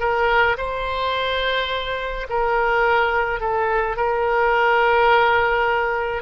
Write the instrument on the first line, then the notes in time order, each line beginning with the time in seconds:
oboe
0.00 A#4
0.58 C5
2.30 A#4
3.41 A4
3.97 A#4